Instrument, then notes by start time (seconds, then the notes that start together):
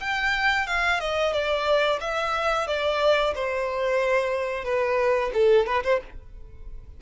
violin
0.00 G5
0.67 F5
1.00 D#5
1.33 D5
2.01 E5
2.67 D5
3.35 C5
4.64 B4
5.34 A4
5.66 B4
5.84 C5